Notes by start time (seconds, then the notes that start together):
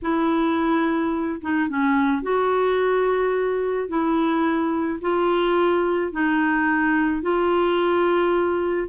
0.02 E4
1.41 D#4
1.68 C#4
2.22 F#4
3.88 E4
5.01 F4
6.11 D#4
7.21 F4